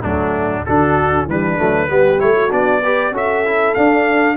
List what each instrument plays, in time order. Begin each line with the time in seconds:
0.00 tuba D2, trombone F#3, horn A3, trumpet D4
0.65 tuba D3, trombone D4, horn F#4, trumpet A4
1.26 tuba E3, trombone G3, horn D4, trumpet B4
1.57 tuba F#3, trombone A3
1.88 tuba G3, trombone B3, horn G4
2.18 tuba A3, trombone E4, trumpet C#5
2.35 horn F#4
2.51 tuba B3, trombone D4, trumpet D5
2.81 trombone G4, horn B4
3.12 tuba C#4, trombone F#4, horn A4, trumpet E5
3.45 trombone E4
3.74 trombone D4, tuba D4, trumpet F5